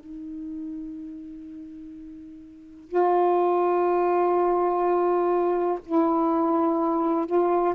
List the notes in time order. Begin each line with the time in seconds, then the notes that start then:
0.00 D#4
2.89 F4
5.85 E4
7.26 F4